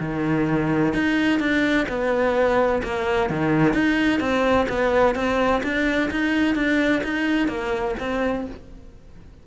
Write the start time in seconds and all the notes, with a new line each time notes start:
0.00 D#3
0.94 D#4
1.40 D4
1.89 B3
2.84 A#3
3.30 D#3
3.74 D#4
4.20 C4
4.69 B3
5.15 C4
5.63 D4
6.11 D#4
6.55 D4
7.04 D#4
7.48 A#3
8.00 C4